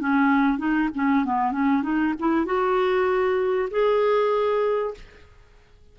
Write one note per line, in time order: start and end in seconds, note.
0.00 0.58 C#4
0.58 0.89 D#4
0.95 1.25 C#4
1.25 1.52 B3
1.52 1.83 C#4
1.83 2.14 D#4
2.20 2.45 E4
2.45 3.69 F#4
3.71 4.94 G#4